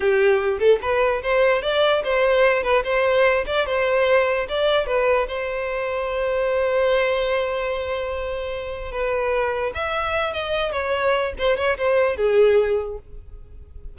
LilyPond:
\new Staff \with { instrumentName = "violin" } { \time 4/4 \tempo 4 = 148 g'4. a'8 b'4 c''4 | d''4 c''4. b'8 c''4~ | c''8 d''8 c''2 d''4 | b'4 c''2.~ |
c''1~ | c''2 b'2 | e''4. dis''4 cis''4. | c''8 cis''8 c''4 gis'2 | }